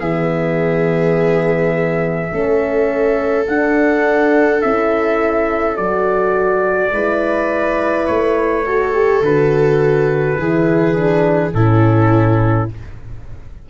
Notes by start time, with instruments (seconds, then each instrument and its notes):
0.00 tuba E3, horn B3, viola G#4, trumpet E5
2.31 tuba A3, horn C#4, viola A4
3.47 horn D4, tuba D4, trumpet F#5
4.61 tuba C#4, horn E4, trumpet E5
5.76 tuba F#3, horn F#4, trumpet D5
6.92 tuba G#3, horn E4, viola B4
8.07 tuba A3, trumpet C#5
8.66 horn F#4, viola A4
8.94 horn G4
9.21 tuba D3, horn F#4, trumpet B4
10.38 tuba E3, horn E4, viola G#4
10.95 horn D4
11.53 tuba A2, horn C#4, viola E4, trumpet A4